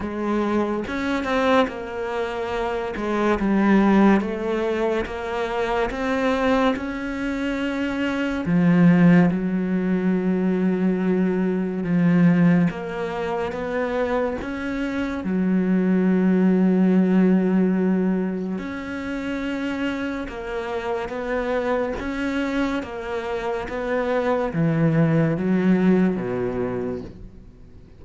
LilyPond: \new Staff \with { instrumentName = "cello" } { \time 4/4 \tempo 4 = 71 gis4 cis'8 c'8 ais4. gis8 | g4 a4 ais4 c'4 | cis'2 f4 fis4~ | fis2 f4 ais4 |
b4 cis'4 fis2~ | fis2 cis'2 | ais4 b4 cis'4 ais4 | b4 e4 fis4 b,4 | }